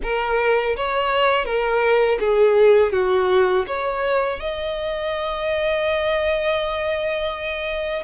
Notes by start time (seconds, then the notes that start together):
0.02 A#4
0.76 C#5
1.45 A#4
2.19 G#4
2.92 F#4
3.67 C#5
4.40 D#5